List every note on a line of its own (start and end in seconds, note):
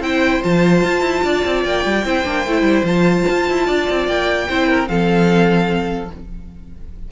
0.00 0.41 C4
0.00 0.42 E4
0.00 1.25 C5
0.00 0.43 G5
0.42 0.84 F3
0.42 2.04 F4
0.42 1.64 A5
0.84 1.01 F4
1.01 1.22 E4
1.23 1.44 D4
1.23 2.06 D5
1.45 1.65 C4
1.64 1.85 A#3
1.64 2.86 G5
1.85 2.05 G3
2.05 2.26 C4
2.05 2.24 E4
2.05 3.67 C5
2.24 2.46 A#3
2.24 2.45 D4
2.47 2.62 A3
2.47 2.85 E4
2.62 2.82 G3
2.83 3.24 F3
2.83 4.47 F4
2.83 4.08 A5
3.29 3.50 F4
3.50 3.68 E4
3.67 3.88 D4
3.67 4.48 D5
3.90 4.08 C4
4.08 4.48 A#3
4.08 4.88 G5
4.49 4.89 C4
4.49 4.87 E4
4.49 4.69 C5
4.69 4.89 A#4
4.87 6.10 F3
4.87 6.08 C4
4.87 6.12 A4
4.87 6.10 F5